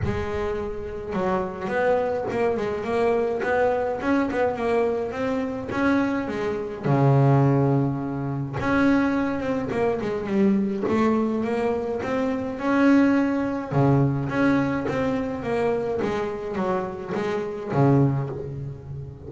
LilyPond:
\new Staff \with { instrumentName = "double bass" } { \time 4/4 \tempo 4 = 105 gis2 fis4 b4 | ais8 gis8 ais4 b4 cis'8 b8 | ais4 c'4 cis'4 gis4 | cis2. cis'4~ |
cis'8 c'8 ais8 gis8 g4 a4 | ais4 c'4 cis'2 | cis4 cis'4 c'4 ais4 | gis4 fis4 gis4 cis4 | }